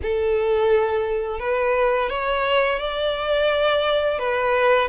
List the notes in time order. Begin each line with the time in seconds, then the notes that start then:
0.02 A4
1.39 B4
2.09 C#5
2.79 D5
4.18 B4